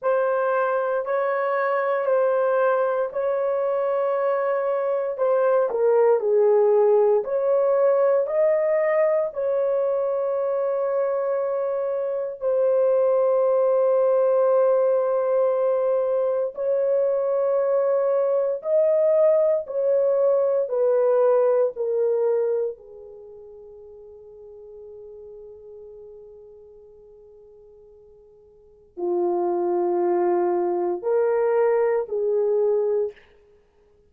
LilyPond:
\new Staff \with { instrumentName = "horn" } { \time 4/4 \tempo 4 = 58 c''4 cis''4 c''4 cis''4~ | cis''4 c''8 ais'8 gis'4 cis''4 | dis''4 cis''2. | c''1 |
cis''2 dis''4 cis''4 | b'4 ais'4 gis'2~ | gis'1 | f'2 ais'4 gis'4 | }